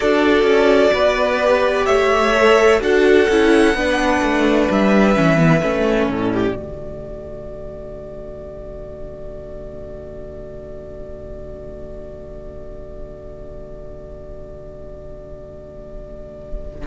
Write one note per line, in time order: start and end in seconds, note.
0.00 0.43 D4
0.00 1.42 F#4
0.00 0.93 A4
0.00 1.86 D5
0.43 0.90 C#4
0.93 1.87 B3
0.93 1.86 B4
1.42 2.35 G4
1.86 2.81 A3
1.86 2.80 C#5
1.86 2.79 E5
2.35 2.80 A4
2.80 3.28 D4
2.80 3.27 F#4
2.80 3.77 A4
2.80 4.70 F#5
3.28 3.74 C#4
3.28 3.77 E4
3.74 4.21 B3
3.74 5.15 D4
3.74 6.10 B4
4.21 4.68 A3
4.70 5.15 G3
4.70 6.11 E5
5.15 5.62 E3
5.15 5.37 C#4
5.37 5.60 B3
5.62 6.09 A3
5.62 6.55 C#4
6.10 6.54 A2
6.10 6.33 A4
6.10 16.86 D5
6.33 6.55 G4
6.54 16.85 D3
6.54 16.86 A3
6.54 16.86 F#4